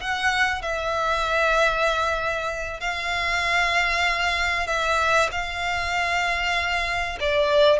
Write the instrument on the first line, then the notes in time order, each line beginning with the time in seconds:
violin
0.00 F#5
0.62 E5
2.80 F5
4.67 E5
5.31 F5
7.20 D5